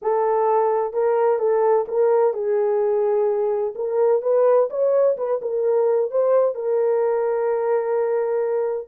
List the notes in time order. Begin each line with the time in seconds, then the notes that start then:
0.01 A4
0.93 A#4
1.38 A4
1.87 A#4
2.33 G#4
3.75 A#4
4.22 B4
4.70 C#5
5.17 B4
5.41 A#4
6.10 C5
6.55 A#4